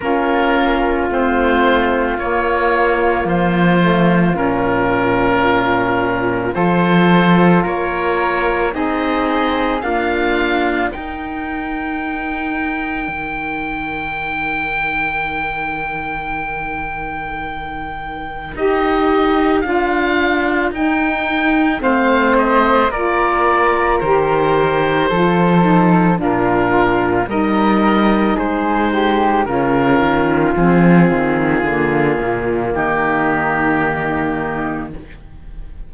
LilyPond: <<
  \new Staff \with { instrumentName = "oboe" } { \time 4/4 \tempo 4 = 55 ais'4 c''4 cis''4 c''4 | ais'2 c''4 cis''4 | dis''4 f''4 g''2~ | g''1~ |
g''4 dis''4 f''4 g''4 | f''8 dis''8 d''4 c''2 | ais'4 dis''4 c''4 ais'4 | gis'2 g'2 | }
  \new Staff \with { instrumentName = "flute" } { \time 4/4 f'1~ | f'2 a'4 ais'4 | gis'4 f'4 ais'2~ | ais'1~ |
ais'1 | c''4 ais'2 a'4 | f'4 ais'4 gis'8 g'8 f'4~ | f'2 dis'2 | }
  \new Staff \with { instrumentName = "saxophone" } { \time 4/4 cis'4 c'4 ais4. a8 | cis'2 f'2 | dis'4 ais4 dis'2~ | dis'1~ |
dis'4 g'4 f'4 dis'4 | c'4 f'4 g'4 f'8 dis'8 | d'4 dis'2 cis'4 | c'4 ais2. | }
  \new Staff \with { instrumentName = "cello" } { \time 4/4 ais4 a4 ais4 f4 | ais,2 f4 ais4 | c'4 d'4 dis'2 | dis1~ |
dis4 dis'4 d'4 dis'4 | a4 ais4 dis4 f4 | ais,4 g4 gis4 cis8 dis8 | f8 dis8 d8 ais,8 dis2 | }
>>